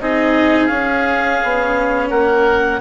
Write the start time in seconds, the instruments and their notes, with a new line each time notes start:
0.00 bassoon C4, cello D#4, oboe G#4, clarinet D#5
0.66 cello C#4, bassoon C#4, clarinet F5
1.43 bassoon B3
2.09 bassoon A#3, oboe A#4, clarinet F#5